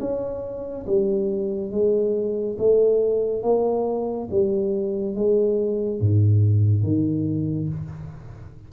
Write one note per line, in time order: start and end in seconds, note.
0.00 0.86 C#4
0.86 1.71 G3
1.71 2.57 G#3
2.58 3.43 A3
3.43 4.29 A#3
4.31 5.15 G3
5.15 6.00 G#3
6.00 6.83 G#2
6.83 7.69 D#3